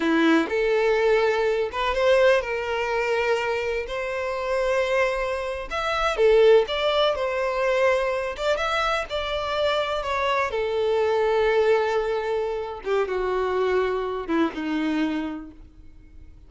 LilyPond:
\new Staff \with { instrumentName = "violin" } { \time 4/4 \tempo 4 = 124 e'4 a'2~ a'8 b'8 | c''4 ais'2. | c''2.~ c''8. e''16~ | e''8. a'4 d''4 c''4~ c''16~ |
c''4~ c''16 d''8 e''4 d''4~ d''16~ | d''8. cis''4 a'2~ a'16~ | a'2~ a'8 g'8 fis'4~ | fis'4. e'8 dis'2 | }